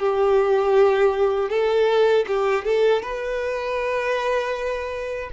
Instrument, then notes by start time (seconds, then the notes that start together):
violin
0.00 G4
1.49 A4
2.28 G4
2.65 A4
3.03 B4